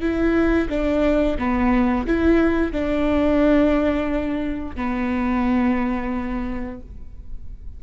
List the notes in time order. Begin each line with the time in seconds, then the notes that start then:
0.00 E4
0.68 D4
1.38 B3
2.06 E4
2.72 D4
4.75 B3